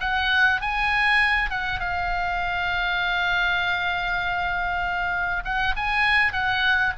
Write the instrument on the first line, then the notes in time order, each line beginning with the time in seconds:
oboe
0.00 F#5
0.61 G#5
1.50 F#5
1.80 F5
5.44 F#5
5.76 G#5
6.33 F#5